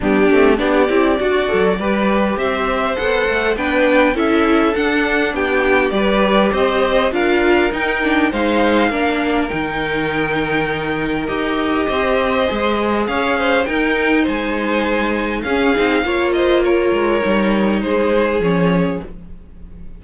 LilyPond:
<<
  \new Staff \with { instrumentName = "violin" } { \time 4/4 \tempo 4 = 101 g'4 d''2. | e''4 fis''4 g''4 e''4 | fis''4 g''4 d''4 dis''4 | f''4 g''4 f''2 |
g''2. dis''4~ | dis''2 f''4 g''4 | gis''2 f''4. dis''8 | cis''2 c''4 cis''4 | }
  \new Staff \with { instrumentName = "violin" } { \time 4/4 d'4 g'4 fis'4 b'4 | c''2 b'4 a'4~ | a'4 g'4 b'4 c''4 | ais'2 c''4 ais'4~ |
ais'1 | c''2 cis''8 c''8 ais'4 | c''2 gis'4 cis''8 c''8 | ais'2 gis'2 | }
  \new Staff \with { instrumentName = "viola" } { \time 4/4 b8 c'8 d'8 e'8 fis'8 a'8 g'4~ | g'4 a'4 d'4 e'4 | d'2 g'2 | f'4 dis'8 d'8 dis'4 d'4 |
dis'2. g'4~ | g'4 gis'2 dis'4~ | dis'2 cis'8 dis'8 f'4~ | f'4 dis'2 cis'4 | }
  \new Staff \with { instrumentName = "cello" } { \time 4/4 g8 a8 b8 c'8 d'8 fis8 g4 | c'4 b8 a8 b4 cis'4 | d'4 b4 g4 c'4 | d'4 dis'4 gis4 ais4 |
dis2. dis'4 | c'4 gis4 cis'4 dis'4 | gis2 cis'8 c'8 ais4~ | ais8 gis8 g4 gis4 f4 | }
>>